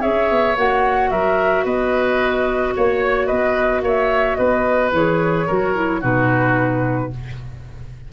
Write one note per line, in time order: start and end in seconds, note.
0.00 0.31 C#4
0.00 0.55 G#4
0.00 1.09 C#5
0.00 0.55 E5
0.31 0.57 B3
0.57 1.11 A#3
0.57 4.93 F#4
0.57 1.10 F#5
1.10 1.65 F#3
1.10 1.64 A#4
1.10 1.65 E5
1.64 2.74 B3
1.64 2.74 B4
1.64 2.74 D#5
2.76 3.31 A#3
2.76 3.27 C#5
3.27 3.82 B3
3.27 3.81 B4
3.27 3.81 D#5
3.82 4.37 A#3
3.82 4.37 C#5
3.82 4.35 E5
4.35 4.92 B3
4.35 5.46 B4
4.35 4.90 D#5
4.92 5.47 E3
4.92 5.49 G#4
4.92 6.03 C#5
5.46 6.03 F#3
5.46 5.75 F#4
5.46 6.00 A#4
5.75 6.01 E4
6.00 7.12 B2
6.00 7.10 D#4
6.00 7.10 F#4
6.00 7.12 B4